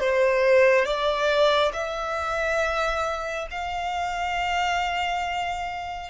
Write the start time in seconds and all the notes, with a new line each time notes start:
0.00 C5
0.85 D5
1.73 E5
3.51 F5